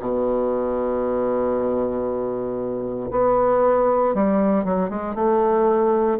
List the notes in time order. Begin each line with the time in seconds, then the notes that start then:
0.00 B2
3.11 B3
4.14 G3
4.65 F#3
4.90 G#3
5.15 A3